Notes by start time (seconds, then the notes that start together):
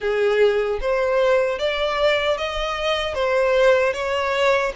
0.00 G#4
0.81 C5
1.58 D5
2.37 D#5
3.14 C5
3.93 C#5